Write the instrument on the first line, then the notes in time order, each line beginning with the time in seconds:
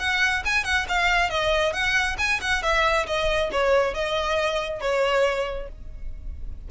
violin
0.00 F#5
0.46 G#5
0.65 F#5
0.89 F5
1.30 D#5
1.73 F#5
2.19 G#5
2.41 F#5
2.63 E5
3.07 D#5
3.53 C#5
3.95 D#5
4.81 C#5